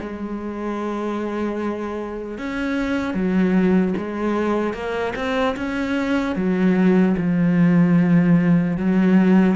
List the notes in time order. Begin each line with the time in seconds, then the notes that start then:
0.00 G#3
2.38 C#4
3.14 F#3
3.97 G#3
4.73 A#3
5.15 C4
5.56 C#4
6.35 F#3
7.17 F3
8.77 F#3